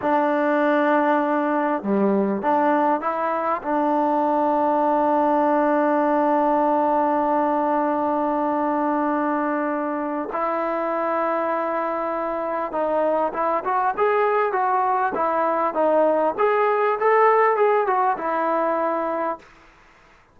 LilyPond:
\new Staff \with { instrumentName = "trombone" } { \time 4/4 \tempo 4 = 99 d'2. g4 | d'4 e'4 d'2~ | d'1~ | d'1~ |
d'4 e'2.~ | e'4 dis'4 e'8 fis'8 gis'4 | fis'4 e'4 dis'4 gis'4 | a'4 gis'8 fis'8 e'2 | }